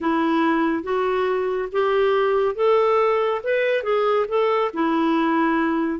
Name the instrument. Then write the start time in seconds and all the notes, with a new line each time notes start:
clarinet
0.00 E4
0.83 F#4
1.71 G4
2.55 A4
3.43 B4
3.83 G#4
4.28 A4
4.73 E4